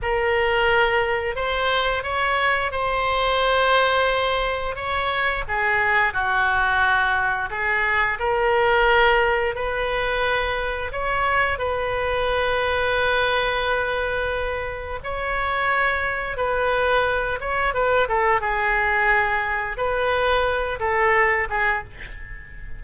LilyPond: \new Staff \with { instrumentName = "oboe" } { \time 4/4 \tempo 4 = 88 ais'2 c''4 cis''4 | c''2. cis''4 | gis'4 fis'2 gis'4 | ais'2 b'2 |
cis''4 b'2.~ | b'2 cis''2 | b'4. cis''8 b'8 a'8 gis'4~ | gis'4 b'4. a'4 gis'8 | }